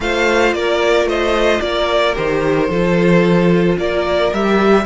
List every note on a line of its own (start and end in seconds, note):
0.00 0.53 A3
0.00 2.14 F4
0.00 0.56 C5
0.00 0.53 F5
0.53 1.05 A#3
0.53 1.08 A#4
0.53 1.07 D5
1.05 1.59 A3
1.05 1.62 C5
1.05 1.60 D#5
1.60 2.16 A#3
1.60 2.69 A#4
1.60 2.14 D5
2.14 2.68 D#3
2.14 2.68 G4
2.14 3.78 C5
2.68 3.77 F3
2.68 4.33 F4
2.68 3.77 A4
3.78 4.32 A#3
3.78 4.85 A#4
3.78 4.33 D5
4.32 4.85 G3
4.32 4.85 G4
4.32 4.85 E5